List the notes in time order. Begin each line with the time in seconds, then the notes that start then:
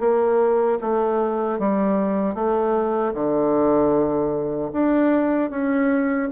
0.00 A#3
0.81 A3
1.59 G3
2.35 A3
3.14 D3
4.73 D4
5.50 C#4